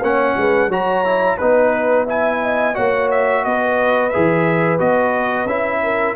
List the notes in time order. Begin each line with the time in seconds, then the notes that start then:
0.00 A#3 C#4 C#5 F#5
0.37 G#3 B4
0.68 F#3 F#4 C#5 A#5
1.05 E4
1.37 B3 D#4 B4
2.05 E4 E5 G#5
2.42 D#5
2.75 A#3 F#4 C#5 F#5
3.11 E5
3.44 B3 B4 D#5
4.10 G#4 E5
4.16 E3
4.79 B3 F#4 D#5
5.46 C#4 E4 E5
5.83 A#4